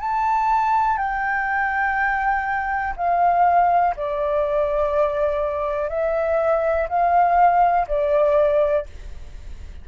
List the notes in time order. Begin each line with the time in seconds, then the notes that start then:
0.00 A5
0.97 G5
2.96 F5
3.97 D5
5.89 E5
6.89 F5
7.87 D5